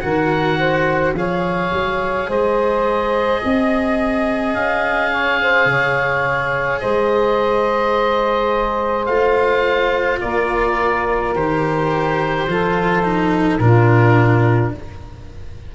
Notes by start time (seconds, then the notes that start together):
0.00 D#3 F#4 A#4 F#5
0.58 C5
1.14 F3 G#4 C#5 F5
1.72 F#3
2.28 G#3 C5 D#5
3.44 C4 D#5
4.54 C#4 F5
5.11 C#5
5.41 C5
5.65 C#3 C#5
6.79 G#3 C5 D#5
9.06 A3 F4 F5
10.21 A#3 A#4 D5
11.34 D#3 G4 C5
12.47 F3 F4 A4
13.02 D#4
13.58 A#2 D4 F4 A#4